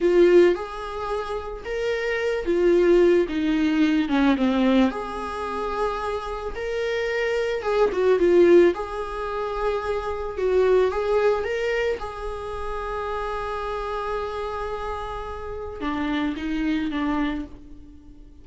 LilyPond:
\new Staff \with { instrumentName = "viola" } { \time 4/4 \tempo 4 = 110 f'4 gis'2 ais'4~ | ais'8 f'4. dis'4. cis'8 | c'4 gis'2. | ais'2 gis'8 fis'8 f'4 |
gis'2. fis'4 | gis'4 ais'4 gis'2~ | gis'1~ | gis'4 d'4 dis'4 d'4 | }